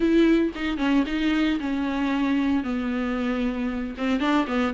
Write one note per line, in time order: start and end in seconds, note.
0.00 0.52 E4
0.55 0.77 D#4
0.77 1.04 C#4
1.06 1.59 D#4
1.59 2.63 C#4
2.63 3.95 B3
3.97 4.19 C4
4.19 4.46 D4
4.47 4.73 B3